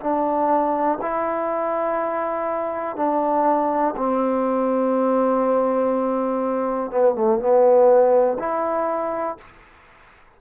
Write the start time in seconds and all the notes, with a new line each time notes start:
0.00 D4
1.01 E4
2.96 D4
3.97 C4
6.91 B3
7.14 A3
7.39 B3
8.39 E4